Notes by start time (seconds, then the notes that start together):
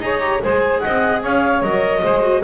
0.00 D#4 G#4 C#5 A#5
0.20 G4
0.43 G#3 G#4 C5 G#5
0.81 D#5 F#5
0.87 C4
1.22 C#4 C#5 F5
1.62 F#3 A#4 D#5
2.03 G#3 G#4 C5
2.22 F#4